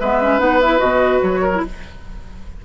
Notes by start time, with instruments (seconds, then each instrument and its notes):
0.00 bassoon G#3, clarinet B3, oboe B4, flute E5
0.22 clarinet C#4
0.39 bassoon B3, clarinet D#4, flute F#5
0.61 clarinet E4, flute E5
0.78 bassoon B2, clarinet F#4, flute D#5
1.22 bassoon F#3, flute C#5
1.42 oboe A#4
1.55 clarinet E4